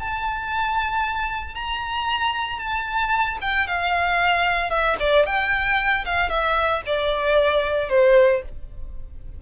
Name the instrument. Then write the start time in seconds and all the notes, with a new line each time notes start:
violin
0.00 A5
1.55 A#5
2.59 A5
3.41 G5
3.67 F5
4.70 E5
5.00 D5
5.26 G5
6.06 F5
6.30 E5
6.86 D5
7.89 C5